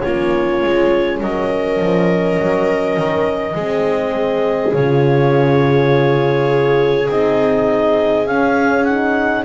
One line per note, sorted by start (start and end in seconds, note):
0.00 0.63 A#3
0.00 3.57 C#4
0.00 1.20 F4
0.00 1.18 C#5
0.63 1.21 G#3
1.20 1.79 F#3
1.20 3.54 A#4
1.20 4.74 D#5
1.79 2.38 F3
2.39 2.97 F#3
2.97 3.55 D#3
3.54 4.73 G#3
3.54 4.76 C4
3.54 9.43 G#4
4.73 7.08 C#3
4.73 7.09 F4
4.73 7.09 C#5
7.09 8.27 C4
7.09 8.26 D#4
7.09 8.26 D#5
8.26 9.44 C#4
8.26 8.87 C#4
8.26 8.84 F5
8.84 9.44 D#4
8.84 9.43 F#5